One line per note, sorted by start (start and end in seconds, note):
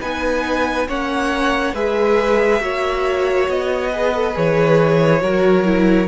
0.00 0.88 B3
0.00 0.87 D#4
0.00 0.87 B4
0.00 0.88 G#5
0.87 1.73 A#3
0.87 1.74 C#4
0.87 1.74 C#5
0.87 1.74 F#5
1.73 2.60 G#3
1.73 2.60 G#4
1.73 2.61 B4
1.73 3.48 E5
2.60 3.47 A#3
2.60 3.90 F#4
2.60 3.90 C#5
3.48 4.35 B3
3.48 4.36 D#5
3.90 4.13 G#4
3.90 5.20 B4
4.14 4.33 A4
4.33 5.22 E3
4.33 5.20 G#4
4.33 6.07 C#5
5.20 6.07 F#3
5.20 5.64 F#4
5.20 6.07 A#4
5.64 6.07 E4